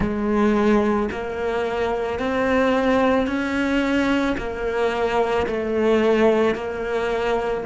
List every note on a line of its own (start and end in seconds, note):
0.00 1.09 G#3
1.11 2.19 A#3
2.19 3.27 C4
3.27 4.36 C#4
4.37 5.46 A#3
5.46 6.55 A3
6.55 7.64 A#3